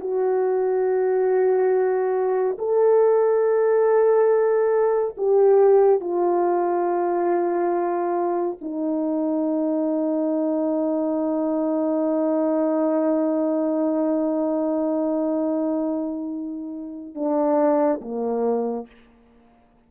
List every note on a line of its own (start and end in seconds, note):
0.00 2.57 F#4
2.58 5.15 A4
5.17 6.00 G4
6.00 8.58 F4
8.61 17.15 D#4
17.15 18.00 D4
18.01 18.87 A#3